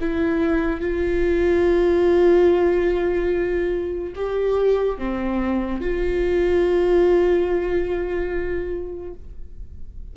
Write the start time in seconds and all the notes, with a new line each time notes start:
0.00 E4
0.80 F4
4.15 G4
4.98 C4
5.81 F4